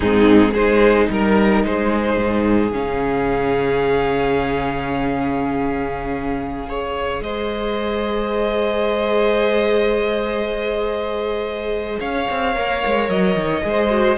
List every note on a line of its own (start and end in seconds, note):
0.00 0.54 G#2
0.00 0.54 C4
0.00 0.52 D#4
0.00 0.53 G#4
0.52 1.08 G#3
0.52 2.71 D#4
0.52 1.07 G#4
0.52 1.08 C5
1.09 1.64 G3
1.09 1.64 A#4
1.09 1.66 A#4
1.64 2.16 G#3
1.64 6.68 G#4
1.64 2.72 C5
2.16 2.71 G#2
2.71 7.20 C#3
2.71 6.67 C#4
2.71 7.22 F5
6.67 12.53 G#4
6.67 7.23 C#5
7.20 11.98 G#3
7.20 11.99 C5
7.20 11.99 D#5
11.99 12.28 C#4
11.99 13.63 C#5
11.99 13.09 F5
12.30 12.56 C4
12.54 12.83 A#3
12.54 13.62 A#4
12.86 13.08 G#3
13.08 13.35 F#3
13.08 14.17 D#5
13.35 13.62 D#3
13.62 14.17 G#3
13.62 13.89 G#4
13.62 14.17 C5
13.89 14.17 F#4